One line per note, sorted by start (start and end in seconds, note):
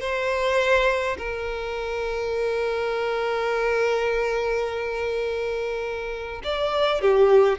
0.00 1.17 C5
1.18 6.42 A#4
6.43 7.01 D5
7.01 7.58 G4